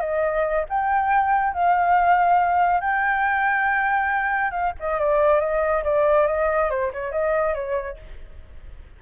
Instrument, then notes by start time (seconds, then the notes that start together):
flute
0.00 D#5
0.69 G5
1.53 F5
2.80 G5
4.51 F5
4.80 D#5
4.99 D5
5.40 D#5
5.84 D5
6.27 D#5
6.70 C5
6.93 C#5
7.12 D#5
7.54 C#5